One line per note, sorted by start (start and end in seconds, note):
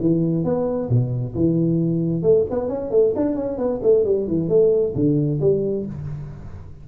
0.00 0.44 E3
0.44 0.89 B3
0.90 1.35 B2
1.35 2.22 E3
2.22 2.45 A3
2.50 2.69 B3
2.69 2.91 C#4
2.91 3.13 A3
3.16 3.36 D4
3.36 3.58 C#4
3.58 3.80 B3
3.83 4.05 A3
4.05 4.27 G3
4.28 4.49 E3
4.49 4.94 A3
4.95 5.40 D3
5.41 5.86 G3